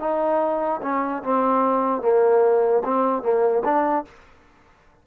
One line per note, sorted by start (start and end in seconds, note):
0.00 0.81 D#4
0.82 1.23 C#4
1.23 2.02 C4
2.02 2.83 A#3
2.85 3.23 C4
3.23 3.63 A#3
3.64 4.05 D4